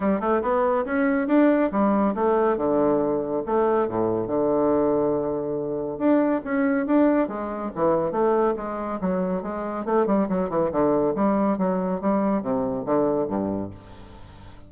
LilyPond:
\new Staff \with { instrumentName = "bassoon" } { \time 4/4 \tempo 4 = 140 g8 a8 b4 cis'4 d'4 | g4 a4 d2 | a4 a,4 d2~ | d2 d'4 cis'4 |
d'4 gis4 e4 a4 | gis4 fis4 gis4 a8 g8 | fis8 e8 d4 g4 fis4 | g4 c4 d4 g,4 | }